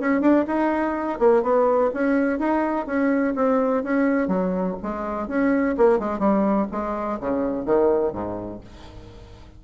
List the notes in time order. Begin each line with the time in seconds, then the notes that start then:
0.00 C#4
0.21 D4
0.48 D#4
1.19 A#3
1.43 B3
1.94 C#4
2.40 D#4
2.86 C#4
3.36 C4
3.84 C#4
4.28 F#3
4.83 G#3
5.28 C#4
5.78 A#3
5.99 G#3
6.19 G3
6.72 G#3
7.21 C#3
7.66 D#3
8.13 G#2